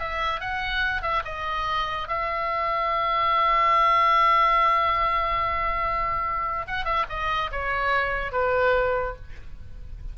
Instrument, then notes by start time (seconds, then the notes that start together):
oboe
0.00 E5
0.41 F#5
1.02 E5
1.25 D#5
2.09 E5
6.68 F#5
6.85 E5
7.10 D#5
7.52 C#5
8.33 B4